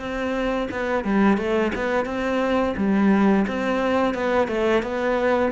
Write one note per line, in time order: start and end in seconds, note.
0.00 0.69 C4
0.71 1.05 B3
1.05 1.38 G3
1.38 1.72 A3
1.75 2.06 B3
2.06 2.75 C4
2.77 3.46 G3
3.48 4.15 C4
4.15 4.48 B3
4.48 4.83 A3
4.83 5.52 B3